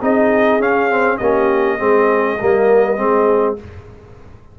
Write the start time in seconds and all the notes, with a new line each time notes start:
0.00 C4 D#4 G#4 D#5
0.60 C#4 F5
0.90 C4
1.18 A#3 C#4 G4 D#5
1.79 G#3 C4 G#4
2.40 G3 A#3 A#4
2.97 G#3 C4 G#4